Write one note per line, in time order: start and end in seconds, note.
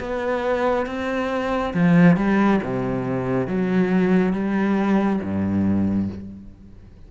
0.00 0.87 B3
0.87 1.74 C4
1.74 2.17 F3
2.17 2.60 G3
2.63 3.47 C3
3.47 4.33 F#3
4.33 5.20 G3
5.23 6.09 G2